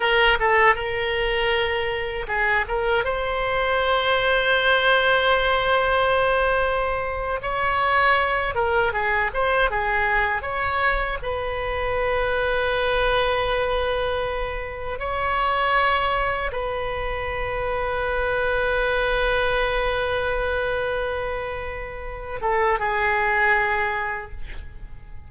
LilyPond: \new Staff \with { instrumentName = "oboe" } { \time 4/4 \tempo 4 = 79 ais'8 a'8 ais'2 gis'8 ais'8 | c''1~ | c''4.~ c''16 cis''4. ais'8 gis'16~ | gis'16 c''8 gis'4 cis''4 b'4~ b'16~ |
b'2.~ b'8. cis''16~ | cis''4.~ cis''16 b'2~ b'16~ | b'1~ | b'4. a'8 gis'2 | }